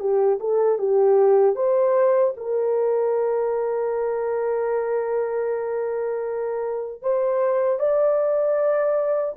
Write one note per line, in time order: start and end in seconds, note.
0.00 0.39 G4
0.40 0.79 A4
0.79 1.55 G4
1.55 2.33 C5
2.37 7.02 A#4
7.02 7.79 C5
7.79 9.35 D5